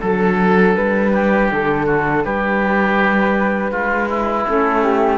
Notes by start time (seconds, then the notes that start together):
0.00 F#3 D4 A4
0.75 G3 B4
1.13 G4
1.51 D3 A4
1.86 F#4
2.24 G3 G4 B4
3.70 G#3 F4
4.09 E4
4.46 A3 C#4 A4
4.83 G4